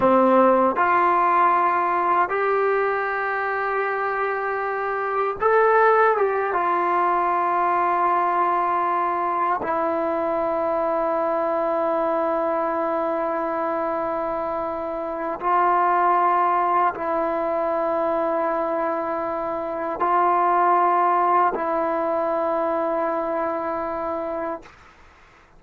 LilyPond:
\new Staff \with { instrumentName = "trombone" } { \time 4/4 \tempo 4 = 78 c'4 f'2 g'4~ | g'2. a'4 | g'8 f'2.~ f'8~ | f'8 e'2.~ e'8~ |
e'1 | f'2 e'2~ | e'2 f'2 | e'1 | }